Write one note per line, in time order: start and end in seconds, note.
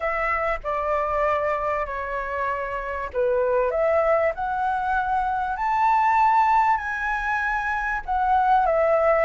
0.00 0.59 E5
0.63 1.86 D5
1.86 3.09 C#5
3.13 3.71 B4
3.71 4.32 E5
4.35 5.56 F#5
5.56 6.77 A5
6.77 8.01 G#5
8.05 8.65 F#5
8.65 9.25 E5